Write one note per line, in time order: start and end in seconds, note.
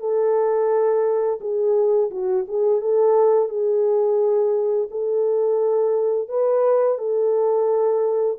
0.00 1.40 A4
1.41 2.11 G#4
2.11 2.46 F#4
2.48 2.81 G#4
2.81 3.49 A4
3.49 4.89 G#4
4.91 6.29 A4
6.29 6.99 B4
6.99 8.38 A4